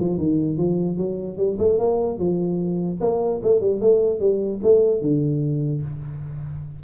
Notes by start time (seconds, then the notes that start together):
0.00 F3
0.18 D#3
0.58 F3
0.98 F#3
1.38 G3
1.59 A3
1.79 A#3
2.19 F3
3.01 A#3
3.43 A3
3.61 G3
3.81 A3
4.20 G3
4.63 A3
5.02 D3